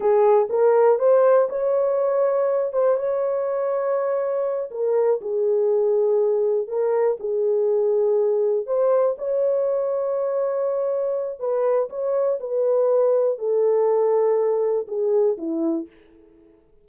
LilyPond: \new Staff \with { instrumentName = "horn" } { \time 4/4 \tempo 4 = 121 gis'4 ais'4 c''4 cis''4~ | cis''4. c''8 cis''2~ | cis''4. ais'4 gis'4.~ | gis'4. ais'4 gis'4.~ |
gis'4. c''4 cis''4.~ | cis''2. b'4 | cis''4 b'2 a'4~ | a'2 gis'4 e'4 | }